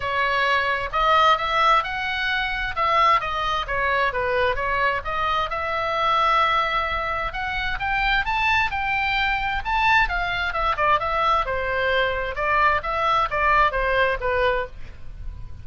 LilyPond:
\new Staff \with { instrumentName = "oboe" } { \time 4/4 \tempo 4 = 131 cis''2 dis''4 e''4 | fis''2 e''4 dis''4 | cis''4 b'4 cis''4 dis''4 | e''1 |
fis''4 g''4 a''4 g''4~ | g''4 a''4 f''4 e''8 d''8 | e''4 c''2 d''4 | e''4 d''4 c''4 b'4 | }